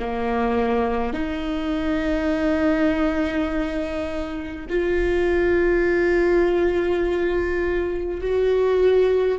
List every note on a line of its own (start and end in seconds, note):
0.00 1.13 A#3
1.13 4.66 D#4
4.70 8.21 F4
8.21 9.39 F#4